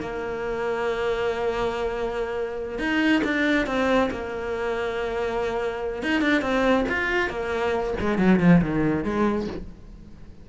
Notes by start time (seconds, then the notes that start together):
0.00 A#3
2.78 D#4
3.24 D4
3.66 C4
4.10 A#3
6.03 D#4
6.21 D4
6.41 C4
6.88 F4
7.29 A#3
8.00 G#3
8.18 F#3
8.39 F3
8.61 D#3
9.04 G#3